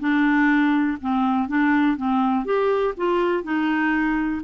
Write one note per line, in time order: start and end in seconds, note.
0.00 0.98 D4
1.01 1.48 C4
1.48 1.97 D4
1.97 2.45 C4
2.45 2.94 G4
2.97 3.44 F4
3.44 4.42 D#4